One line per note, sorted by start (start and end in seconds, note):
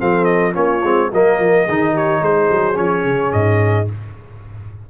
0.00 0.55 F3
0.00 0.53 C4
0.00 0.54 A4
0.00 0.25 F5
0.25 0.52 D#5
0.53 0.83 A#3
0.53 0.81 C#4
0.53 1.09 F4
0.53 1.11 C#5
0.83 1.11 G#3
0.83 1.12 C4
1.13 1.39 F#3
1.13 1.68 A#3
1.13 1.64 A#4
1.13 1.97 D#5
1.39 1.67 F3
1.64 2.21 D#3
1.64 2.74 D#4
1.64 1.92 G#4
1.93 2.21 G4
1.93 2.23 C#5
2.21 2.49 G#3
2.21 3.90 G#4
2.21 2.77 C5
2.51 2.78 F#3
2.74 3.05 F3
2.74 3.85 C#4
2.74 3.32 C#5
3.05 3.32 C#3
3.32 3.89 G#2
3.32 3.88 D#5